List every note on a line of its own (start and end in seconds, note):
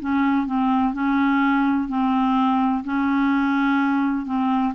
0.00 0.47 C#4
0.47 0.94 C4
0.94 1.88 C#4
1.88 2.84 C4
2.84 4.26 C#4
4.26 4.74 C4